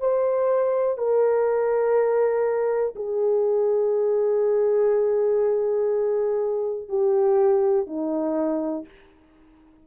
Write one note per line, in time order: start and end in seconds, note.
0.00 0.98 C5
0.98 2.95 A#4
2.96 6.89 G#4
6.89 7.87 G4
7.87 8.85 D#4